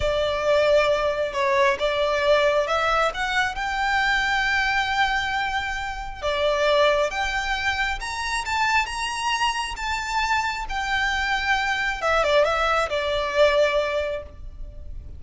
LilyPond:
\new Staff \with { instrumentName = "violin" } { \time 4/4 \tempo 4 = 135 d''2. cis''4 | d''2 e''4 fis''4 | g''1~ | g''2 d''2 |
g''2 ais''4 a''4 | ais''2 a''2 | g''2. e''8 d''8 | e''4 d''2. | }